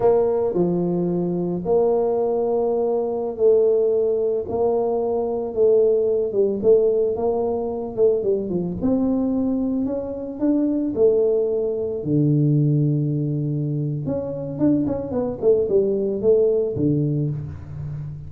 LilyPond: \new Staff \with { instrumentName = "tuba" } { \time 4/4 \tempo 4 = 111 ais4 f2 ais4~ | ais2~ ais16 a4.~ a16~ | a16 ais2 a4. g16~ | g16 a4 ais4. a8 g8 f16~ |
f16 c'2 cis'4 d'8.~ | d'16 a2 d4.~ d16~ | d2 cis'4 d'8 cis'8 | b8 a8 g4 a4 d4 | }